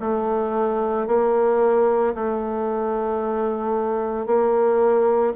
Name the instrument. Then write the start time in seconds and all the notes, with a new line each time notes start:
bassoon
0.00 A3
1.07 A#3
2.15 A3
4.27 A#3